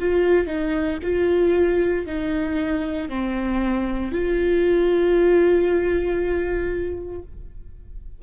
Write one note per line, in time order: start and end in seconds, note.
0.00 0.47 F4
0.47 0.99 D#4
1.03 2.06 F4
2.07 3.09 D#4
3.09 4.12 C4
4.12 7.23 F4